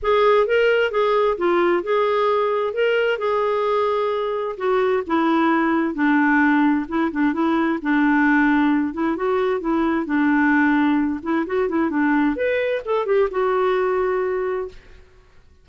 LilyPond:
\new Staff \with { instrumentName = "clarinet" } { \time 4/4 \tempo 4 = 131 gis'4 ais'4 gis'4 f'4 | gis'2 ais'4 gis'4~ | gis'2 fis'4 e'4~ | e'4 d'2 e'8 d'8 |
e'4 d'2~ d'8 e'8 | fis'4 e'4 d'2~ | d'8 e'8 fis'8 e'8 d'4 b'4 | a'8 g'8 fis'2. | }